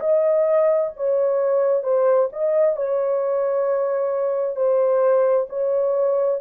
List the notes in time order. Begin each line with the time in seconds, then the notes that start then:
0.00 D#5
0.96 C#5
1.83 C5
2.32 D#5
2.76 C#5
4.56 C5
5.49 C#5